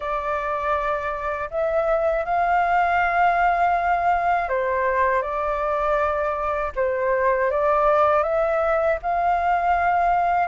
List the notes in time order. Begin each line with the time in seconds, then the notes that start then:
0.00 D5
1.50 E5
2.25 F5
4.49 C5
5.21 D5
6.75 C5
7.50 D5
8.23 E5
9.02 F5